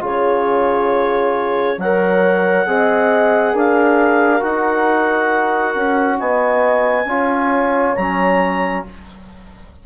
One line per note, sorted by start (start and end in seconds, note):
0.00 1.77 C#3
0.00 1.76 F4
0.00 1.78 G#4
0.00 1.80 C#5
1.77 2.66 F#3
1.77 2.67 C#5
1.77 3.56 F#5
1.84 2.67 A#4
2.66 3.54 C4
2.66 4.40 G#4
2.66 3.53 D#5
3.53 4.42 D4
3.53 6.18 A#4
3.53 4.42 F5
4.40 5.75 D#4
4.40 7.04 F#4
4.40 6.19 F#5
5.75 6.19 C#4
6.19 7.05 B3
6.19 7.08 D#5
6.19 7.96 G#5
7.05 7.93 C#4
7.05 7.97 F4
7.05 8.84 C#5
7.96 8.85 F#3
7.96 8.86 C#4
7.96 8.84 A#5